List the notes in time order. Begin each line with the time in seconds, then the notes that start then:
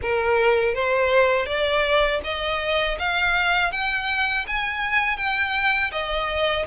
0.02 A#4
0.74 C5
1.45 D5
2.24 D#5
2.98 F5
3.71 G5
4.46 G#5
5.17 G5
5.91 D#5